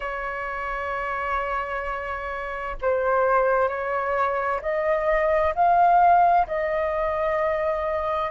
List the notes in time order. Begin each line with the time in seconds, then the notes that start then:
0.00 C#5
2.82 C5
3.68 C#5
4.61 D#5
5.54 F5
6.47 D#5